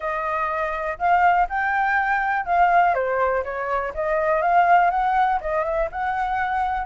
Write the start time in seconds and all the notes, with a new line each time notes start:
0.00 D#5
0.98 F5
1.49 G5
2.45 F5
2.94 C5
3.44 C#5
3.94 D#5
4.41 F5
4.90 F#5
5.40 D#5
5.64 E5
5.92 F#5